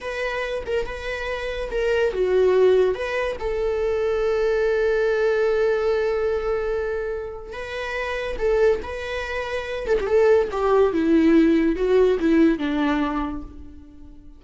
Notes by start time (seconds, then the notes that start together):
0.00 B4
0.66 A#4
0.85 B4
1.71 A#4
2.13 F#4
2.94 B4
3.39 A4
7.53 B4
8.38 A4
8.82 B4
9.87 A4
10.00 G4 A4
10.51 G4
10.92 E4
11.76 F#4
12.19 E4
12.58 D4